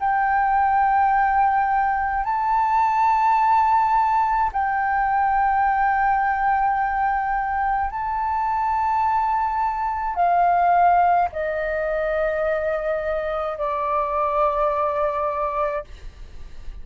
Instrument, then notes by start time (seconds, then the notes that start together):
flute
0.00 G5
2.25 A5
4.53 G5
7.90 A5
10.16 F5
11.33 D#5
13.58 D5